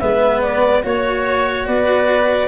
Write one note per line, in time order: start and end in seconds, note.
0.00 0.84 G#3
0.00 0.83 B3
0.00 0.84 B4
0.00 0.42 E5
0.42 0.84 D5
0.83 1.68 A#3
0.83 2.48 F#4
0.83 1.67 C#5
1.67 2.48 B3
1.67 2.48 B4
1.67 2.48 D5